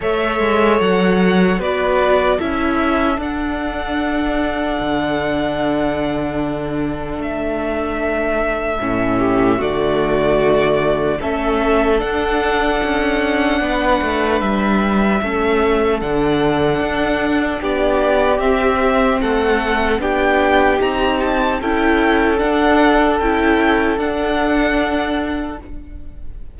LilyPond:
<<
  \new Staff \with { instrumentName = "violin" } { \time 4/4 \tempo 4 = 75 e''4 fis''4 d''4 e''4 | fis''1~ | fis''4 e''2. | d''2 e''4 fis''4~ |
fis''2 e''2 | fis''2 d''4 e''4 | fis''4 g''4 ais''8 a''8 g''4 | fis''4 g''4 fis''2 | }
  \new Staff \with { instrumentName = "violin" } { \time 4/4 cis''2 b'4 a'4~ | a'1~ | a'2.~ a'8 g'8 | fis'2 a'2~ |
a'4 b'2 a'4~ | a'2 g'2 | a'4 g'2 a'4~ | a'1 | }
  \new Staff \with { instrumentName = "viola" } { \time 4/4 a'2 fis'4 e'4 | d'1~ | d'2. cis'4 | a2 cis'4 d'4~ |
d'2. cis'4 | d'2. c'4~ | c'4 d'4 dis'4 e'4 | d'4 e'4 d'2 | }
  \new Staff \with { instrumentName = "cello" } { \time 4/4 a8 gis8 fis4 b4 cis'4 | d'2 d2~ | d4 a2 a,4 | d2 a4 d'4 |
cis'4 b8 a8 g4 a4 | d4 d'4 b4 c'4 | a4 b4 c'4 cis'4 | d'4 cis'4 d'2 | }
>>